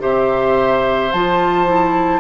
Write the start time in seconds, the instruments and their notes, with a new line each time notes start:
0.00 bassoon C3, clarinet G4, oboe C5, flute E5
1.13 bassoon F3, clarinet F4, flute A5
1.67 clarinet E4